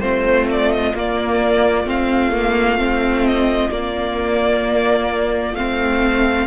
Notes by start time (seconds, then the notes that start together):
0.00 A3 C4 F4 C5
0.51 D5
0.72 D#5
0.95 A#3 D5
1.84 A3 C4 F5
2.32 A#3
2.78 C4
3.26 D#5
3.71 A#3 D5
5.54 A3 C4 F5